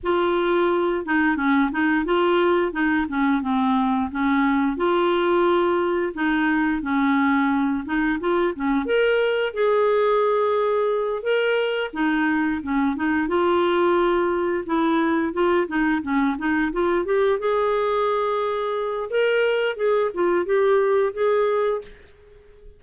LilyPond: \new Staff \with { instrumentName = "clarinet" } { \time 4/4 \tempo 4 = 88 f'4. dis'8 cis'8 dis'8 f'4 | dis'8 cis'8 c'4 cis'4 f'4~ | f'4 dis'4 cis'4. dis'8 | f'8 cis'8 ais'4 gis'2~ |
gis'8 ais'4 dis'4 cis'8 dis'8 f'8~ | f'4. e'4 f'8 dis'8 cis'8 | dis'8 f'8 g'8 gis'2~ gis'8 | ais'4 gis'8 f'8 g'4 gis'4 | }